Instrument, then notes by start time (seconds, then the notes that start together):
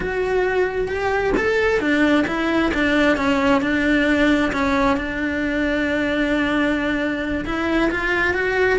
cello
0.00 F#4
0.88 G4
1.37 A4
1.80 D4
2.27 E4
2.74 D4
3.16 C#4
3.61 D4
4.52 C#4
4.96 D4
7.45 E4
7.90 F4
8.34 F#4